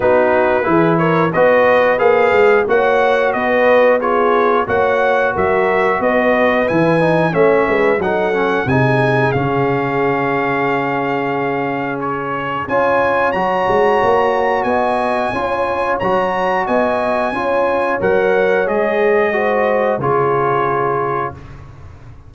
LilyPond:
<<
  \new Staff \with { instrumentName = "trumpet" } { \time 4/4 \tempo 4 = 90 b'4. cis''8 dis''4 f''4 | fis''4 dis''4 cis''4 fis''4 | e''4 dis''4 gis''4 e''4 | fis''4 gis''4 f''2~ |
f''2 cis''4 gis''4 | ais''2 gis''2 | ais''4 gis''2 fis''4 | dis''2 cis''2 | }
  \new Staff \with { instrumentName = "horn" } { \time 4/4 fis'4 gis'8 ais'8 b'2 | cis''4 b'4 gis'4 cis''4 | ais'4 b'2 cis''8 b'8 | a'4 gis'2.~ |
gis'2. cis''4~ | cis''2 dis''4 cis''4~ | cis''4 dis''4 cis''2~ | cis''4 c''4 gis'2 | }
  \new Staff \with { instrumentName = "trombone" } { \time 4/4 dis'4 e'4 fis'4 gis'4 | fis'2 f'4 fis'4~ | fis'2 e'8 dis'8 cis'4 | dis'8 cis'8 dis'4 cis'2~ |
cis'2. f'4 | fis'2. f'4 | fis'2 f'4 ais'4 | gis'4 fis'4 f'2 | }
  \new Staff \with { instrumentName = "tuba" } { \time 4/4 b4 e4 b4 ais8 gis8 | ais4 b2 ais4 | fis4 b4 e4 a8 gis8 | fis4 c4 cis2~ |
cis2. cis'4 | fis8 gis8 ais4 b4 cis'4 | fis4 b4 cis'4 fis4 | gis2 cis2 | }
>>